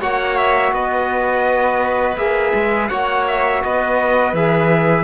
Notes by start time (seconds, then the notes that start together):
0.00 A#3 F#4 C#5 F#5
0.37 E5
0.72 B3 B4 D#5
2.17 A#3 G#4 E5
2.54 G#3
2.89 A#3 F#4 C#5 F#5
3.27 E5
3.64 B3 B4 D#5
4.33 E3 G#4 E5